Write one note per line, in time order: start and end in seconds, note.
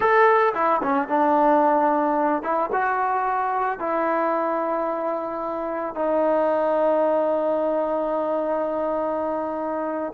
0.00 0.53 A4
0.54 0.81 E4
0.82 1.08 C#4
1.08 2.43 D4
2.43 2.70 E4
2.72 3.79 F#4
3.79 5.95 E4
5.95 10.13 D#4